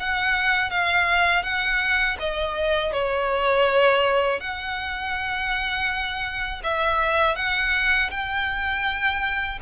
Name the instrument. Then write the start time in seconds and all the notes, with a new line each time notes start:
violin
0.00 F#5
0.71 F5
1.43 F#5
2.20 D#5
2.93 C#5
4.41 F#5
6.64 E5
7.36 F#5
8.11 G5